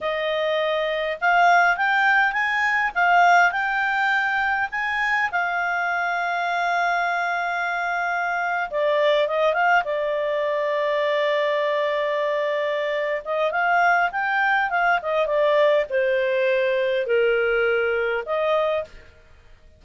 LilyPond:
\new Staff \with { instrumentName = "clarinet" } { \time 4/4 \tempo 4 = 102 dis''2 f''4 g''4 | gis''4 f''4 g''2 | gis''4 f''2.~ | f''2~ f''8. d''4 dis''16~ |
dis''16 f''8 d''2.~ d''16~ | d''2~ d''8 dis''8 f''4 | g''4 f''8 dis''8 d''4 c''4~ | c''4 ais'2 dis''4 | }